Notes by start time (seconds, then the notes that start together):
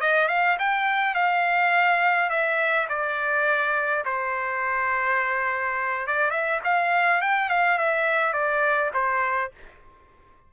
0.00 D#5
0.28 F5
0.59 G5
1.14 F5
2.29 E5
2.88 D5
4.05 C5
6.07 D5
6.30 E5
6.64 F5
7.21 G5
7.49 F5
7.78 E5
8.33 D5
8.93 C5